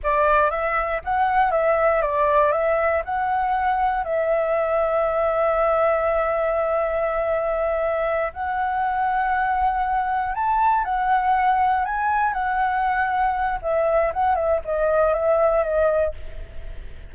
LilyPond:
\new Staff \with { instrumentName = "flute" } { \time 4/4 \tempo 4 = 119 d''4 e''4 fis''4 e''4 | d''4 e''4 fis''2 | e''1~ | e''1~ |
e''8 fis''2.~ fis''8~ | fis''8 a''4 fis''2 gis''8~ | gis''8 fis''2~ fis''8 e''4 | fis''8 e''8 dis''4 e''4 dis''4 | }